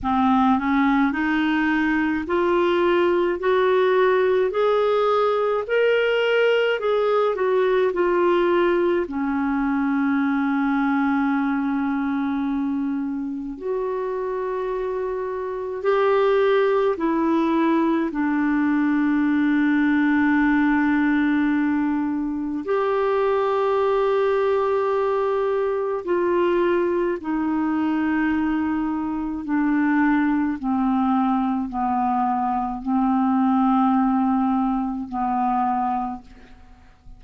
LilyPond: \new Staff \with { instrumentName = "clarinet" } { \time 4/4 \tempo 4 = 53 c'8 cis'8 dis'4 f'4 fis'4 | gis'4 ais'4 gis'8 fis'8 f'4 | cis'1 | fis'2 g'4 e'4 |
d'1 | g'2. f'4 | dis'2 d'4 c'4 | b4 c'2 b4 | }